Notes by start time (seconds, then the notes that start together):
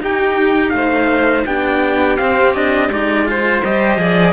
0.00 D#4 G4 G5
0.70 A3 C5 F5
1.46 B3 D4 G4 G5
2.17 C4 F5
2.54 D4 D#5
2.89 G#3 D#4 D5
3.26 F4 C5
3.64 G3 G4 D#5
3.97 F3 G#4 D5